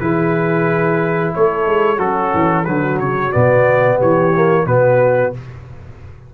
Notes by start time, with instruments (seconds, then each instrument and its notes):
0.00 tuba E3, trombone E4, horn G#4, trumpet B4
1.35 tuba A3, horn A4, trumpet C#5
1.66 tuba G#3
1.98 tuba F#3, horn C#4, trombone F#4, trumpet A4
2.34 tuba E3
2.65 tuba D3, trombone F#3, horn F#4, trumpet B4
2.99 tuba C#3, trumpet C#5
3.32 tuba B2, trombone B3, trumpet D5
3.97 tuba E3, horn G4, trumpet C#5
4.35 trombone A#3
4.66 tuba B2, trombone B3, horn F#4, trumpet B4